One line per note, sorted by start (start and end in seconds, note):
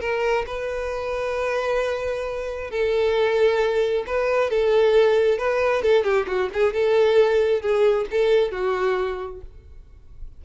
0.00 0.45 A#4
0.46 2.70 B4
2.70 4.04 A4
4.06 4.50 B4
4.50 5.38 A4
5.38 5.82 B4
5.82 6.04 A4
6.04 6.26 G4
6.27 6.49 F#4
6.53 6.73 G#4
6.73 7.61 A4
7.61 8.06 G#4
8.11 8.51 A4
8.51 9.41 F#4